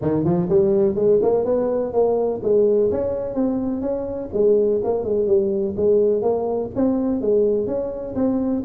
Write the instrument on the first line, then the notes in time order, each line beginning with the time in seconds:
tuba
0.01 D#3
0.24 F3
0.49 G3
0.95 G#3
1.22 A#3
1.44 B3
1.92 A#3
2.42 G#3
2.91 C#4
3.34 C4
3.81 C#4
4.33 G#3
4.83 A#3
5.04 G#3
5.26 G3
5.76 G#3
6.22 A#3
6.75 C4
7.21 G#3
7.66 C#4
8.15 C4